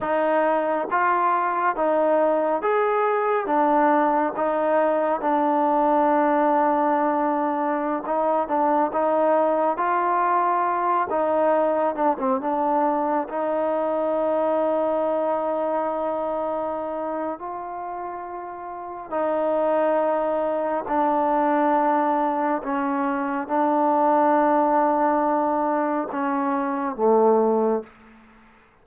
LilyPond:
\new Staff \with { instrumentName = "trombone" } { \time 4/4 \tempo 4 = 69 dis'4 f'4 dis'4 gis'4 | d'4 dis'4 d'2~ | d'4~ d'16 dis'8 d'8 dis'4 f'8.~ | f'8. dis'4 d'16 c'16 d'4 dis'8.~ |
dis'1 | f'2 dis'2 | d'2 cis'4 d'4~ | d'2 cis'4 a4 | }